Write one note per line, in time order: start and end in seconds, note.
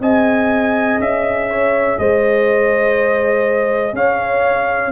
0.00 0.99 C4
0.00 4.91 G#4
0.00 1.49 D#5
0.00 1.00 G#5
0.99 1.98 C#4
0.99 1.99 E5
1.49 1.99 C#5
1.99 3.93 G#3
1.99 3.96 C5
1.99 3.95 D#5
3.93 4.91 C#4
3.93 4.91 C#5
3.93 4.91 F5